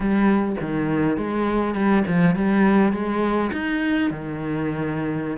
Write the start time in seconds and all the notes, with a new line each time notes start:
0.00 G3
0.61 D#3
1.17 G#3
1.74 G3
2.07 F3
2.35 G3
2.92 G#3
3.52 D#4
4.10 D#3